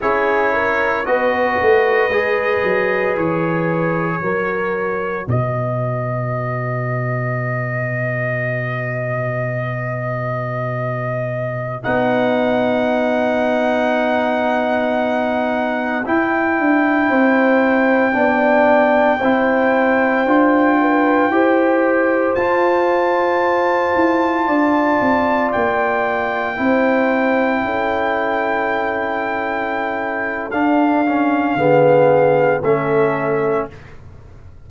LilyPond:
<<
  \new Staff \with { instrumentName = "trumpet" } { \time 4/4 \tempo 4 = 57 cis''4 dis''2 cis''4~ | cis''4 dis''2.~ | dis''2.~ dis''16 fis''8.~ | fis''2.~ fis''16 g''8.~ |
g''1~ | g''4~ g''16 a''2~ a''8.~ | a''16 g''2.~ g''8.~ | g''4 f''2 e''4 | }
  \new Staff \with { instrumentName = "horn" } { \time 4/4 gis'8 ais'8 b'2. | ais'4 b'2.~ | b'1~ | b'1~ |
b'16 c''4 d''4 c''4. b'16~ | b'16 c''2. d''8.~ | d''4~ d''16 c''4 a'4.~ a'16~ | a'2 gis'4 a'4 | }
  \new Staff \with { instrumentName = "trombone" } { \time 4/4 e'4 fis'4 gis'2 | fis'1~ | fis'2.~ fis'16 dis'8.~ | dis'2.~ dis'16 e'8.~ |
e'4~ e'16 d'4 e'4 f'8.~ | f'16 g'4 f'2~ f'8.~ | f'4~ f'16 e'2~ e'8.~ | e'4 d'8 cis'8 b4 cis'4 | }
  \new Staff \with { instrumentName = "tuba" } { \time 4/4 cis'4 b8 a8 gis8 fis8 e4 | fis4 b,2.~ | b,2.~ b,16 b8.~ | b2.~ b16 e'8 d'16~ |
d'16 c'4 b4 c'4 d'8.~ | d'16 e'4 f'4. e'8 d'8 c'16~ | c'16 ais4 c'4 cis'4.~ cis'16~ | cis'4 d'4 d4 a4 | }
>>